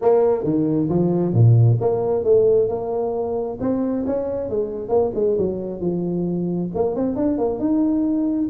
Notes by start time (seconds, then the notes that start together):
0.01 A#3
0.43 D#3
0.89 F3
1.33 A#2
1.81 A#3
2.24 A3
2.68 A#3
3.60 C4
4.06 C#4
4.49 G#3
4.88 A#3
5.14 G#3
5.38 F#3
5.80 F3
6.74 A#3
6.95 C4
7.16 D4
7.38 A#3
7.59 D#4